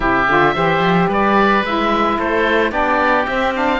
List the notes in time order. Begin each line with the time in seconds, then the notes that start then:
0.00 C3 E4 G4 E5
0.27 D3 F4
0.55 E3 G4 C5
0.79 F3
1.08 G3 B4 D5
1.63 G#3 E4 E5
2.17 A3 A4 C5
2.70 B3 D4 G4 D5
3.26 C4 E5
3.54 D4 F5